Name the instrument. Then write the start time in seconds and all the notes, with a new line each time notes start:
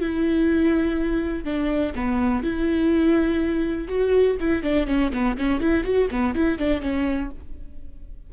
viola
0.00 E4
1.44 D4
1.95 B3
2.43 E4
3.88 F#4
4.40 E4
4.63 D4
4.87 C#4
5.13 B3
5.38 C#4
5.60 E4
5.84 F#4
6.11 B3
6.35 E4
6.58 D4
6.81 C#4